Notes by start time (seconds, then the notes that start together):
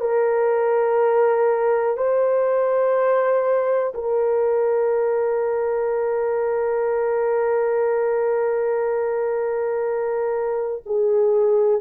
0.00 A#4
1.97 C5
3.94 A#4
10.86 G#4